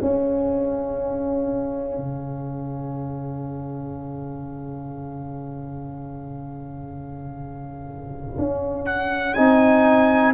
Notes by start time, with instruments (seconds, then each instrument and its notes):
0.00 trombone C#4, tuba C#4, horn G#4, trumpet F5
1.97 tuba C#3
8.38 tuba C#4
8.86 trumpet F#5
9.34 tuba C4, trombone D#4, trumpet G#5